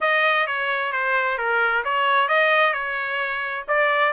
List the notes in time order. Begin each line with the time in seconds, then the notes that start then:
0.01 D#5
0.46 C#5
0.92 C5
1.37 A#4
1.84 C#5
2.28 D#5
2.73 C#5
3.67 D5